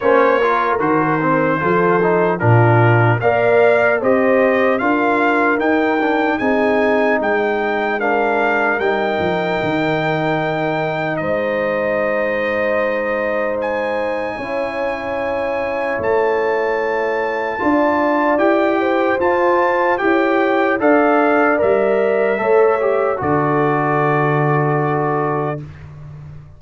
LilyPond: <<
  \new Staff \with { instrumentName = "trumpet" } { \time 4/4 \tempo 4 = 75 cis''4 c''2 ais'4 | f''4 dis''4 f''4 g''4 | gis''4 g''4 f''4 g''4~ | g''2 dis''2~ |
dis''4 gis''2. | a''2. g''4 | a''4 g''4 f''4 e''4~ | e''4 d''2. | }
  \new Staff \with { instrumentName = "horn" } { \time 4/4 c''8 ais'4. a'4 f'4 | d''4 c''4 ais'2 | gis'4 dis''4 ais'2~ | ais'2 c''2~ |
c''2 cis''2~ | cis''2 d''4. c''8~ | c''4 cis''4 d''2 | cis''4 a'2. | }
  \new Staff \with { instrumentName = "trombone" } { \time 4/4 cis'8 f'8 fis'8 c'8 f'8 dis'8 d'4 | ais'4 g'4 f'4 dis'8 d'8 | dis'2 d'4 dis'4~ | dis'1~ |
dis'2 e'2~ | e'2 f'4 g'4 | f'4 g'4 a'4 ais'4 | a'8 g'8 fis'2. | }
  \new Staff \with { instrumentName = "tuba" } { \time 4/4 ais4 dis4 f4 ais,4 | ais4 c'4 d'4 dis'4 | c'4 gis2 g8 f8 | dis2 gis2~ |
gis2 cis'2 | a2 d'4 e'4 | f'4 e'4 d'4 g4 | a4 d2. | }
>>